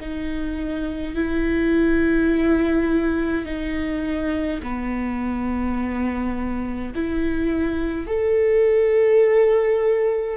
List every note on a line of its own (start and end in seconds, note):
0.00 1.15 D#4
1.15 3.45 E4
3.45 4.60 D#4
4.62 6.93 B3
6.94 8.07 E4
8.07 10.37 A4